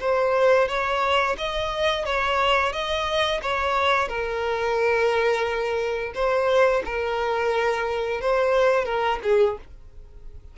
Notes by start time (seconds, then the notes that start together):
0.00 C5
0.68 C#5
1.37 D#5
2.05 C#5
2.72 D#5
3.42 C#5
4.08 A#4
6.14 C5
6.85 A#4
8.21 C5
8.85 A#4
9.23 G#4